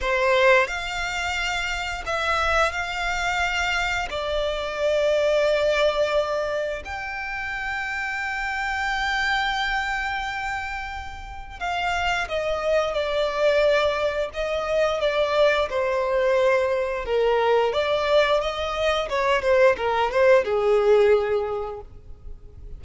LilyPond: \new Staff \with { instrumentName = "violin" } { \time 4/4 \tempo 4 = 88 c''4 f''2 e''4 | f''2 d''2~ | d''2 g''2~ | g''1~ |
g''4 f''4 dis''4 d''4~ | d''4 dis''4 d''4 c''4~ | c''4 ais'4 d''4 dis''4 | cis''8 c''8 ais'8 c''8 gis'2 | }